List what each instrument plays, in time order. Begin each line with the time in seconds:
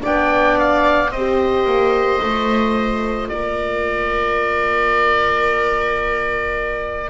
0.00 double bass B3, horn D4, viola D5, oboe G5
0.59 oboe F5
1.10 double bass C4, viola C5, oboe D#5
1.17 horn G4
1.65 double bass A#3
2.22 double bass A3, horn F4
3.28 double bass A#3, viola A#4, oboe D5